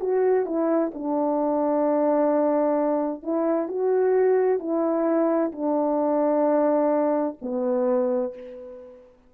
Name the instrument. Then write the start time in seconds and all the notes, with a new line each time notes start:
horn
0.00 F#4
0.46 E4
0.94 D4
3.23 E4
3.68 F#4
4.59 E4
5.52 D4
7.42 B3